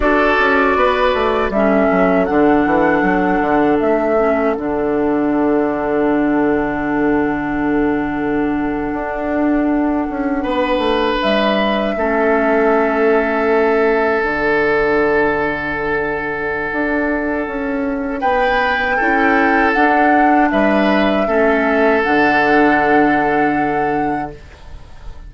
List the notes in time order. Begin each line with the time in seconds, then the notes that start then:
0.00 D4 F#4 A4 D5
0.39 C#4
0.75 B3 B4
1.13 A3
1.49 G3 C#4 A4 E5
1.91 F#3
2.25 D3 D4 F#5
2.65 E3
3.02 F#3
3.40 D3
3.80 A3 E5
4.18 C#4
4.53 D3 D4 F#5
8.92 D4
10.09 C#4
10.42 B3 B4
10.78 A3
11.22 G3 E5
11.96 A3 C#4 A4
14.23 D3 D4 F#5
16.72 D4
17.47 C#4
18.19 B3 B4 G5
18.96 C#4 E4 A4
19.73 D4 F#5
20.50 G3 B4 E5
21.26 A3 C#4 A4
22.03 D3 D4 F#5